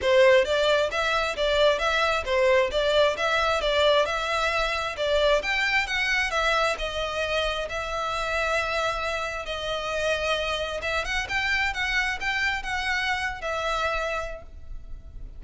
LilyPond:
\new Staff \with { instrumentName = "violin" } { \time 4/4 \tempo 4 = 133 c''4 d''4 e''4 d''4 | e''4 c''4 d''4 e''4 | d''4 e''2 d''4 | g''4 fis''4 e''4 dis''4~ |
dis''4 e''2.~ | e''4 dis''2. | e''8 fis''8 g''4 fis''4 g''4 | fis''4.~ fis''16 e''2~ e''16 | }